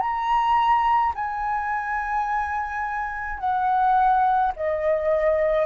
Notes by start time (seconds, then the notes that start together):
0.00 A#5
1.15 G#5
3.39 F#5
4.56 D#5